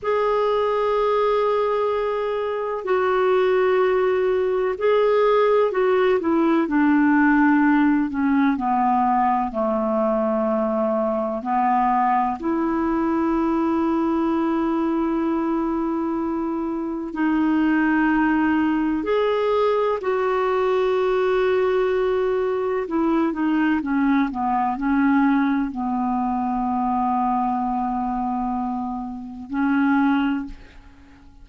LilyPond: \new Staff \with { instrumentName = "clarinet" } { \time 4/4 \tempo 4 = 63 gis'2. fis'4~ | fis'4 gis'4 fis'8 e'8 d'4~ | d'8 cis'8 b4 a2 | b4 e'2.~ |
e'2 dis'2 | gis'4 fis'2. | e'8 dis'8 cis'8 b8 cis'4 b4~ | b2. cis'4 | }